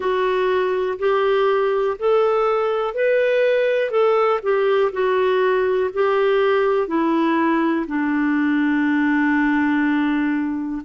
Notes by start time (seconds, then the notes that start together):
0.00 F#4
0.98 G4
1.99 A4
2.94 B4
3.90 A4
4.42 G4
4.92 F#4
5.93 G4
6.87 E4
7.87 D4